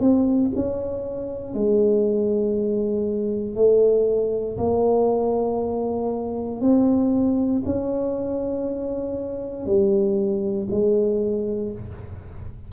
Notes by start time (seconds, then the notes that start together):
0.00 C4
0.55 C#4
1.53 G#3
3.55 A3
4.57 A#3
6.61 C4
7.65 C#4
9.66 G3
10.70 G#3